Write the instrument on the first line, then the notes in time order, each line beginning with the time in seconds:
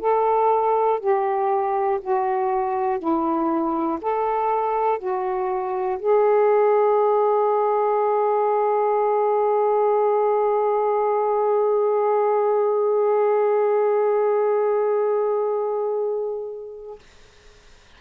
saxophone
0.00 A4
1.00 G4
2.01 F#4
3.00 E4
4.01 A4
4.99 F#4
5.99 G#4